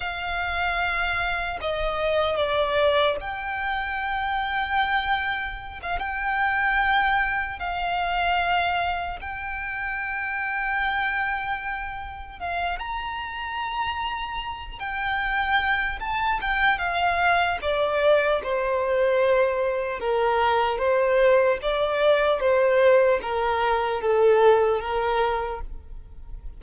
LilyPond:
\new Staff \with { instrumentName = "violin" } { \time 4/4 \tempo 4 = 75 f''2 dis''4 d''4 | g''2.~ g''16 f''16 g''8~ | g''4. f''2 g''8~ | g''2.~ g''8 f''8 |
ais''2~ ais''8 g''4. | a''8 g''8 f''4 d''4 c''4~ | c''4 ais'4 c''4 d''4 | c''4 ais'4 a'4 ais'4 | }